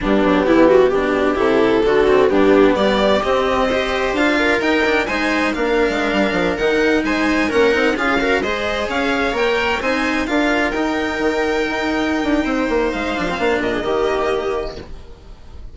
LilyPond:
<<
  \new Staff \with { instrumentName = "violin" } { \time 4/4 \tempo 4 = 130 g'2. a'4~ | a'4 g'4 d''4 dis''4~ | dis''4 f''4 g''4 gis''4 | f''2~ f''16 fis''4 gis''8.~ |
gis''16 fis''4 f''4 dis''4 f''8.~ | f''16 g''4 gis''4 f''4 g''8.~ | g''1 | f''4. dis''2~ dis''8 | }
  \new Staff \with { instrumentName = "viola" } { \time 4/4 d'4 e'8 fis'8 g'2 | fis'4 d'4 g'2 | c''4. ais'4. c''4 | ais'2.~ ais'16 c''8.~ |
c''16 ais'4 gis'8 ais'8 c''4 cis''8.~ | cis''4~ cis''16 c''4 ais'4.~ ais'16~ | ais'2. c''4~ | c''4. ais'16 gis'16 g'2 | }
  \new Staff \with { instrumentName = "cello" } { \time 4/4 b2 d'4 e'4 | d'8 c'8 b2 c'4 | g'4 f'4 dis'8 d'8 dis'4 | d'2~ d'16 dis'4.~ dis'16~ |
dis'16 cis'8 dis'8 f'8 fis'8 gis'4.~ gis'16~ | gis'16 ais'4 dis'4 f'4 dis'8.~ | dis'1~ | dis'8 d'16 c'16 d'4 ais2 | }
  \new Staff \with { instrumentName = "bassoon" } { \time 4/4 g8 fis8 e4 b,4 c4 | d4 g,4 g4 c'4~ | c'4 d'4 dis'4 gis4 | ais8. gis8 g8 f8 dis4 gis8.~ |
gis16 ais8 c'8 cis'4 gis4 cis'8.~ | cis'16 ais4 c'4 d'4 dis'8.~ | dis'16 dis4 dis'4~ dis'16 d'8 c'8 ais8 | gis8 f8 ais8 ais,8 dis2 | }
>>